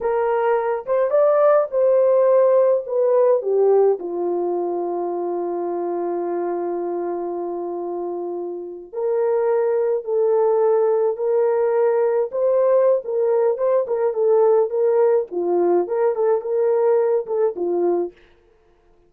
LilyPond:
\new Staff \with { instrumentName = "horn" } { \time 4/4 \tempo 4 = 106 ais'4. c''8 d''4 c''4~ | c''4 b'4 g'4 f'4~ | f'1~ | f'2.~ f'8. ais'16~ |
ais'4.~ ais'16 a'2 ais'16~ | ais'4.~ ais'16 c''4~ c''16 ais'4 | c''8 ais'8 a'4 ais'4 f'4 | ais'8 a'8 ais'4. a'8 f'4 | }